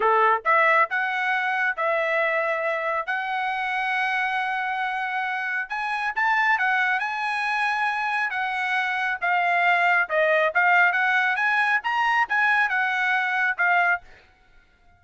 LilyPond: \new Staff \with { instrumentName = "trumpet" } { \time 4/4 \tempo 4 = 137 a'4 e''4 fis''2 | e''2. fis''4~ | fis''1~ | fis''4 gis''4 a''4 fis''4 |
gis''2. fis''4~ | fis''4 f''2 dis''4 | f''4 fis''4 gis''4 ais''4 | gis''4 fis''2 f''4 | }